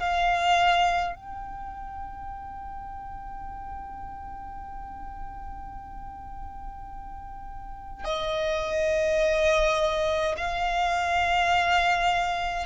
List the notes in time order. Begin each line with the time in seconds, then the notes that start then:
0.00 F5
1.15 G5
8.05 D#5
10.37 F5